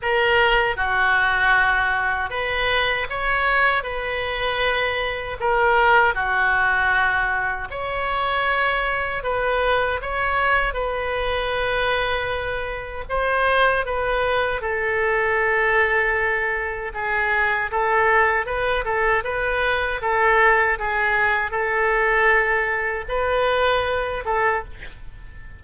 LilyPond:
\new Staff \with { instrumentName = "oboe" } { \time 4/4 \tempo 4 = 78 ais'4 fis'2 b'4 | cis''4 b'2 ais'4 | fis'2 cis''2 | b'4 cis''4 b'2~ |
b'4 c''4 b'4 a'4~ | a'2 gis'4 a'4 | b'8 a'8 b'4 a'4 gis'4 | a'2 b'4. a'8 | }